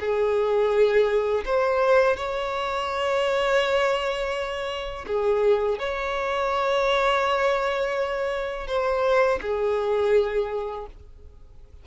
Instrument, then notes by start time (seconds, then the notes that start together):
violin
0.00 G#4
1.45 C5
2.16 C#5
5.07 G#4
5.79 C#5
8.67 C5
9.42 G#4